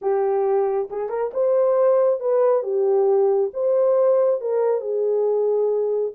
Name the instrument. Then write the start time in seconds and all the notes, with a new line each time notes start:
horn
0.01 G4
0.90 G#4
1.09 A#4
1.33 C5
2.20 B4
2.63 G4
3.53 C5
4.40 A#4
4.81 G#4